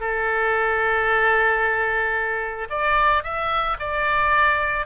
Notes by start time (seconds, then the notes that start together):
0.00 A4
2.70 D5
3.23 E5
3.79 D5